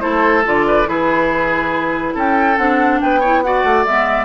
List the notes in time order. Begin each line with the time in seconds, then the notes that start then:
0.00 A3 E4 A4 C5
0.44 D3 F4 D5
0.67 B4
0.86 E3 E4 G#4 B4
2.14 C#4 A4 G5
2.57 C4 D4 F#5
3.00 B3 B4 G5
3.20 E4 C#5
3.42 F#4 D5 F#5
3.63 A3
3.85 G#3 B3 E5